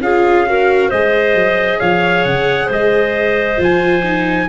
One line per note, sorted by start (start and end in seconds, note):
0.00 0.90 C#4
0.00 0.47 F4
0.00 0.47 G#4
0.00 0.90 F5
0.47 0.91 F#4
0.47 0.89 A#4
0.89 1.34 G#3
0.89 3.57 G#4
0.89 1.78 C5
0.89 1.79 D#5
1.34 1.79 F#3
1.79 2.25 F3
1.79 2.66 C#5
1.79 2.24 F5
2.24 2.68 C#3
2.24 2.69 F#5
2.66 3.58 G#3
2.66 4.46 C5
2.66 3.61 D#5
3.57 4.48 F3
3.57 4.02 F4
3.57 4.49 G#5
4.03 4.48 D#4